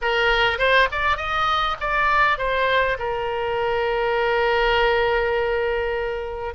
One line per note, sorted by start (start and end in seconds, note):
0.01 0.58 A#4
0.58 0.88 C5
0.91 1.16 D5
1.16 1.76 D#5
1.80 2.38 D5
2.38 2.97 C5
2.98 6.54 A#4